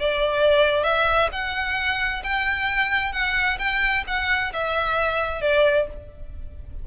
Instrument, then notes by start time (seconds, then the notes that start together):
violin
0.00 D5
0.84 E5
1.32 F#5
2.24 G5
3.13 F#5
3.59 G5
4.07 F#5
4.53 E5
5.42 D5